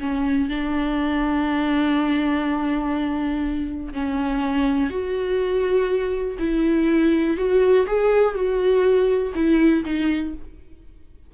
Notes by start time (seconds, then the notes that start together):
0.00 C#4
0.49 D4
3.93 C#4
4.90 F#4
6.39 E4
7.37 F#4
7.87 G#4
8.35 F#4
9.35 E4
9.85 D#4